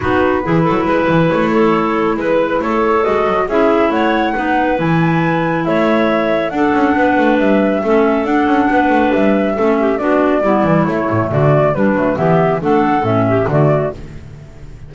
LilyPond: <<
  \new Staff \with { instrumentName = "flute" } { \time 4/4 \tempo 4 = 138 b'2. cis''4~ | cis''4 b'4 cis''4 dis''4 | e''4 fis''2 gis''4~ | gis''4 e''2 fis''4~ |
fis''4 e''2 fis''4~ | fis''4 e''2 d''4~ | d''4 cis''4 d''4 b'4 | e''4 fis''4 e''4 d''4 | }
  \new Staff \with { instrumentName = "clarinet" } { \time 4/4 fis'4 gis'8 a'8 b'4. a'8~ | a'4 b'4 a'2 | gis'4 cis''4 b'2~ | b'4 cis''2 a'4 |
b'2 a'2 | b'2 a'8 g'8 fis'4 | e'2 fis'4 d'4 | g'4 a'4. g'8 fis'4 | }
  \new Staff \with { instrumentName = "clarinet" } { \time 4/4 dis'4 e'2.~ | e'2. fis'4 | e'2 dis'4 e'4~ | e'2. d'4~ |
d'2 cis'4 d'4~ | d'2 cis'4 d'4 | b8 g8 a2 g8 a8 | b4 d'4 cis'4 a4 | }
  \new Staff \with { instrumentName = "double bass" } { \time 4/4 b4 e8 fis8 gis8 e8 a4~ | a4 gis4 a4 gis8 fis8 | cis'4 a4 b4 e4~ | e4 a2 d'8 cis'8 |
b8 a8 g4 a4 d'8 cis'8 | b8 a8 g4 a4 b4 | g8 e8 a8 a,8 d4 g8 fis8 | e4 a4 a,4 d4 | }
>>